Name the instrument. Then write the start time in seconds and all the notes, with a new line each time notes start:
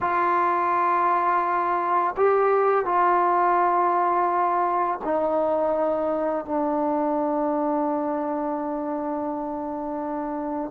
trombone
0.00 F4
2.17 G4
2.85 F4
5.04 D#4
6.44 D4